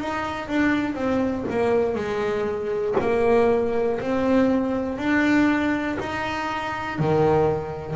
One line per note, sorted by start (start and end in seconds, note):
0.00 0.48 D#4
0.48 0.95 D4
0.95 1.45 C4
1.50 1.95 A#3
1.95 2.95 G#3
3.00 4.00 A#3
4.00 4.98 C4
4.98 5.98 D4
6.00 6.99 D#4
6.99 7.96 D#3